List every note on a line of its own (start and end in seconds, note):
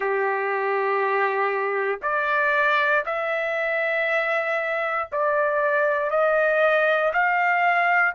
0.00 1.99 G4
2.02 3.04 D5
3.05 5.08 E5
5.11 6.10 D5
6.10 7.12 D#5
7.13 8.14 F5